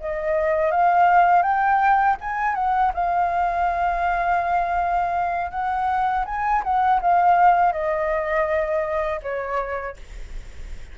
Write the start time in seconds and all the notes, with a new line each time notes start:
0.00 D#5
0.71 F5
1.42 G5
2.21 G#5
2.55 F#5
2.94 F5
5.51 F#5
6.25 G#5
6.63 F#5
7.01 F5
7.72 D#5
9.22 C#5